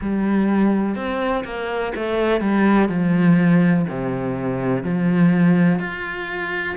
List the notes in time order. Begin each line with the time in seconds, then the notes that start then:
0.01 G3
0.95 C4
1.44 A#3
1.95 A3
2.41 G3
2.89 F3
3.89 C3
4.83 F3
5.79 F4